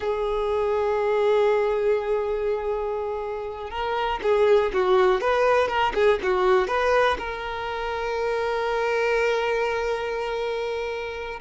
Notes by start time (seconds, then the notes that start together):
0.00 G#4
3.70 A#4
4.22 G#4
4.73 F#4
5.20 B4
5.68 A#4
5.94 G#4
6.22 F#4
6.67 B4
7.18 A#4